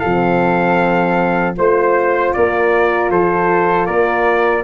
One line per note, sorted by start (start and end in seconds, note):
0.00 1.58 F3
0.00 1.57 C4
0.00 1.54 A4
0.00 1.54 F5
1.57 2.35 A3
1.57 4.64 F4
1.57 2.35 C5
1.57 2.34 C5
2.34 3.11 A#3
2.34 3.12 A#4
2.34 3.11 D5
3.11 3.88 F3
3.11 3.87 A4
3.11 3.87 C5
3.87 4.64 A#3
3.87 4.64 A#4
3.87 4.64 D5